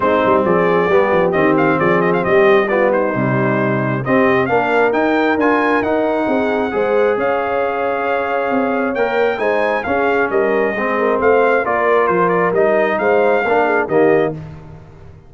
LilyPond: <<
  \new Staff \with { instrumentName = "trumpet" } { \time 4/4 \tempo 4 = 134 c''4 d''2 dis''8 f''8 | d''8 dis''16 f''16 dis''4 d''8 c''4.~ | c''4 dis''4 f''4 g''4 | gis''4 fis''2. |
f''1 | g''4 gis''4 f''4 dis''4~ | dis''4 f''4 d''4 c''8 d''8 | dis''4 f''2 dis''4 | }
  \new Staff \with { instrumentName = "horn" } { \time 4/4 dis'4 gis'4 g'2 | gis'4 g'4 f'8 dis'4.~ | dis'4 g'4 ais'2~ | ais'2 gis'4 c''4 |
cis''1~ | cis''4 c''4 gis'4 ais'4 | gis'8 ais'8 c''4 ais'2~ | ais'4 c''4 ais'8 gis'8 g'4 | }
  \new Staff \with { instrumentName = "trombone" } { \time 4/4 c'2 b4 c'4~ | c'2 b4 g4~ | g4 c'4 d'4 dis'4 | f'4 dis'2 gis'4~ |
gis'1 | ais'4 dis'4 cis'2 | c'2 f'2 | dis'2 d'4 ais4 | }
  \new Staff \with { instrumentName = "tuba" } { \time 4/4 gis8 g8 f4 g8 f8 dis4 | f4 g2 c4~ | c4 c'4 ais4 dis'4 | d'4 dis'4 c'4 gis4 |
cis'2. c'4 | ais4 gis4 cis'4 g4 | gis4 a4 ais4 f4 | g4 gis4 ais4 dis4 | }
>>